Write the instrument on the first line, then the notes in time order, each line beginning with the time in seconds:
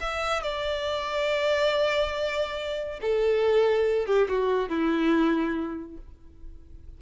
violin
0.00 E5
0.43 D5
3.01 A4
4.06 G4
4.29 F#4
4.69 E4